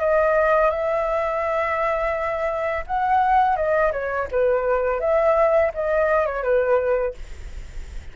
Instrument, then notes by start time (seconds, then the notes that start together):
flute
0.00 D#5
0.70 E5
2.86 F#5
3.56 D#5
3.92 C#5
4.31 B4
5.00 E5
5.74 D#5
6.26 C#5
6.43 B4